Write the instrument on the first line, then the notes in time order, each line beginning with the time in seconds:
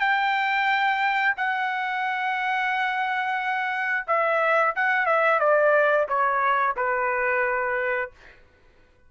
trumpet
0.00 G5
1.37 F#5
4.07 E5
4.76 F#5
5.06 E5
5.40 D5
6.08 C#5
6.77 B4